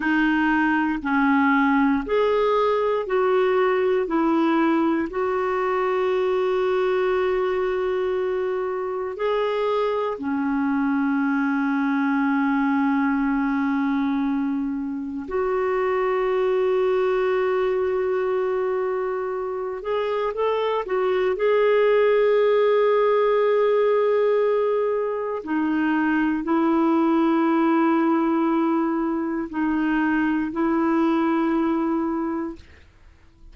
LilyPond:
\new Staff \with { instrumentName = "clarinet" } { \time 4/4 \tempo 4 = 59 dis'4 cis'4 gis'4 fis'4 | e'4 fis'2.~ | fis'4 gis'4 cis'2~ | cis'2. fis'4~ |
fis'2.~ fis'8 gis'8 | a'8 fis'8 gis'2.~ | gis'4 dis'4 e'2~ | e'4 dis'4 e'2 | }